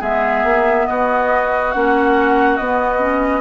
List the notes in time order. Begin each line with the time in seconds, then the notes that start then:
0.00 G#3 B3 G#4 E5
0.44 A#3
0.87 B3 F#4 D#5
1.72 A#3 C#4 F#5
2.57 B3 D#5
3.00 C#4